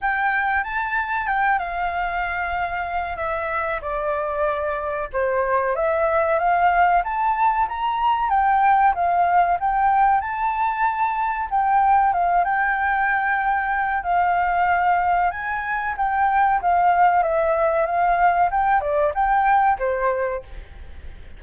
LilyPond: \new Staff \with { instrumentName = "flute" } { \time 4/4 \tempo 4 = 94 g''4 a''4 g''8 f''4.~ | f''4 e''4 d''2 | c''4 e''4 f''4 a''4 | ais''4 g''4 f''4 g''4 |
a''2 g''4 f''8 g''8~ | g''2 f''2 | gis''4 g''4 f''4 e''4 | f''4 g''8 d''8 g''4 c''4 | }